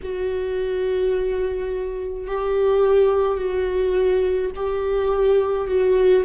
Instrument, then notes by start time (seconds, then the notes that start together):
viola
0.02 F#4
2.26 G4
3.37 F#4
4.55 G4
5.67 F#4